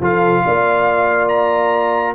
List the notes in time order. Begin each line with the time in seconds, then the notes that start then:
0.00 F3 F4 A4 F5
0.45 A#3 D5
1.28 A#5